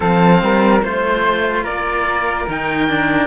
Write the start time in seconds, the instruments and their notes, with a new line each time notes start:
0.00 cello F3 C4, flute A4, oboe F5
0.42 cello G3, flute A#4
0.82 cello A3 F4, oboe C5, flute C5
1.63 cello A#3, flute A#4, oboe D5
2.48 cello D#3 D#4, oboe G5
2.88 cello D4